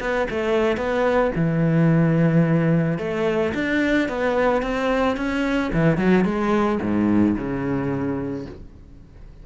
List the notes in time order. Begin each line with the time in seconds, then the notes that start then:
0.00 B3
0.30 A3
0.77 B3
1.35 E3
2.98 A3
3.54 D4
4.09 B3
4.62 C4
5.16 C#4
5.73 E3
5.97 F#3
6.24 G#3
6.82 G#2
7.37 C#3